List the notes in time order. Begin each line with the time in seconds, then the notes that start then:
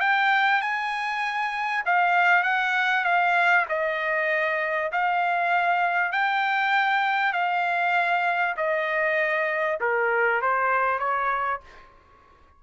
0.00 G5
0.62 G#5
1.86 F5
2.43 F#5
3.05 F5
3.69 D#5
4.92 F5
6.12 G5
7.33 F5
8.57 D#5
9.81 A#4
10.42 C5
10.99 C#5